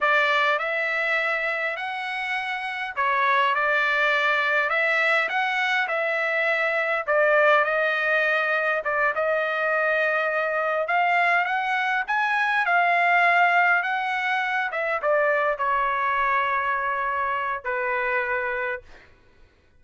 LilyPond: \new Staff \with { instrumentName = "trumpet" } { \time 4/4 \tempo 4 = 102 d''4 e''2 fis''4~ | fis''4 cis''4 d''2 | e''4 fis''4 e''2 | d''4 dis''2 d''8 dis''8~ |
dis''2~ dis''8 f''4 fis''8~ | fis''8 gis''4 f''2 fis''8~ | fis''4 e''8 d''4 cis''4.~ | cis''2 b'2 | }